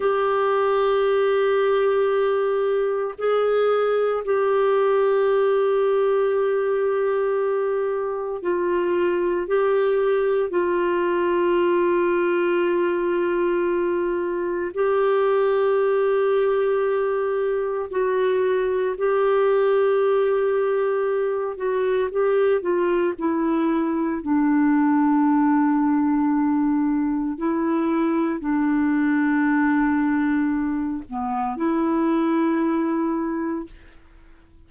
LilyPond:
\new Staff \with { instrumentName = "clarinet" } { \time 4/4 \tempo 4 = 57 g'2. gis'4 | g'1 | f'4 g'4 f'2~ | f'2 g'2~ |
g'4 fis'4 g'2~ | g'8 fis'8 g'8 f'8 e'4 d'4~ | d'2 e'4 d'4~ | d'4. b8 e'2 | }